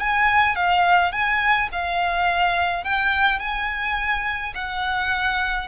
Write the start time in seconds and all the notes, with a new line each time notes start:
0.00 G#5
0.56 F5
1.12 G#5
1.72 F5
2.84 G5
3.39 G#5
4.55 F#5